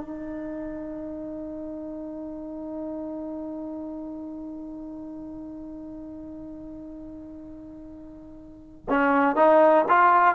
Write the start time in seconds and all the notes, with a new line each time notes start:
0.00 D#4
8.88 C#4
9.36 D#4
9.89 F4